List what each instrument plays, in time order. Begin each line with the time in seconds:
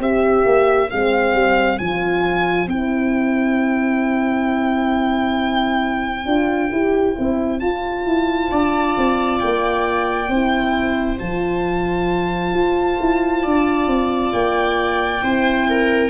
0.00 tuba C4, horn G4, viola C5, violin E5
0.46 tuba A#3
0.90 tuba G#3, horn C4, violin F5
1.34 tuba G3
1.79 tuba F3, horn F4, violin G#5
2.68 tuba C4, horn E4, violin G5
6.26 tuba D4, horn F4
6.72 tuba E4, horn G4
7.16 tuba C4, horn E4
7.60 horn F4, tuba F4, violin A5
8.06 tuba E4
8.52 tuba D4, viola D5
8.98 tuba C4
9.39 tuba A#3, violin G5
10.29 tuba C4, horn E4, viola C5
11.19 tuba F3, horn F4, violin A5
12.53 tuba F4
13.01 tuba E4
13.43 tuba D4, viola D5
13.87 tuba C4
14.32 tuba A#3, violin G5
15.23 tuba C4, horn E4, viola C5
15.69 viola A#4